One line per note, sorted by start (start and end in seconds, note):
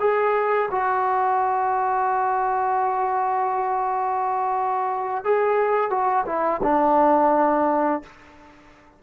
0.00 0.70 G#4
0.72 5.25 F#4
5.25 5.90 G#4
5.90 6.25 F#4
6.26 6.61 E4
6.63 8.03 D4